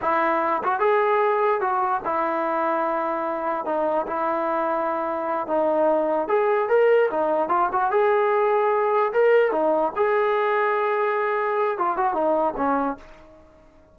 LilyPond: \new Staff \with { instrumentName = "trombone" } { \time 4/4 \tempo 4 = 148 e'4. fis'8 gis'2 | fis'4 e'2.~ | e'4 dis'4 e'2~ | e'4. dis'2 gis'8~ |
gis'8 ais'4 dis'4 f'8 fis'8 gis'8~ | gis'2~ gis'8 ais'4 dis'8~ | dis'8 gis'2.~ gis'8~ | gis'4 f'8 fis'8 dis'4 cis'4 | }